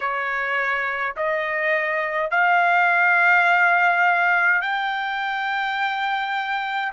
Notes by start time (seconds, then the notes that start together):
0.00 C#5
1.16 D#5
2.31 F5
4.62 G5